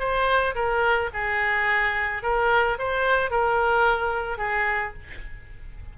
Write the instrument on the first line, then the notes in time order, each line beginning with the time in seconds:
oboe
0.00 C5
0.55 A#4
1.14 G#4
2.23 A#4
2.79 C5
3.31 A#4
4.38 G#4